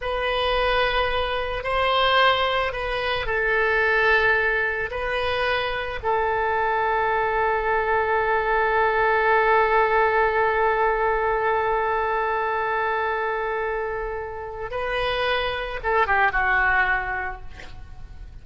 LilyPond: \new Staff \with { instrumentName = "oboe" } { \time 4/4 \tempo 4 = 110 b'2. c''4~ | c''4 b'4 a'2~ | a'4 b'2 a'4~ | a'1~ |
a'1~ | a'1~ | a'2. b'4~ | b'4 a'8 g'8 fis'2 | }